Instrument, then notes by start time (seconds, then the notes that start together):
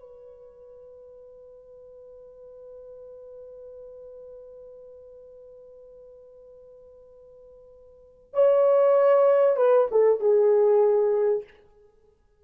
horn
0.00 B4
8.34 C#5
9.57 B4
9.91 A4
10.20 G#4